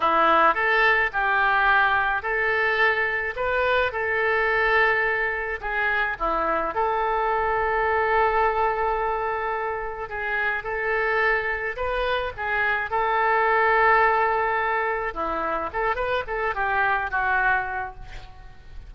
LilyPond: \new Staff \with { instrumentName = "oboe" } { \time 4/4 \tempo 4 = 107 e'4 a'4 g'2 | a'2 b'4 a'4~ | a'2 gis'4 e'4 | a'1~ |
a'2 gis'4 a'4~ | a'4 b'4 gis'4 a'4~ | a'2. e'4 | a'8 b'8 a'8 g'4 fis'4. | }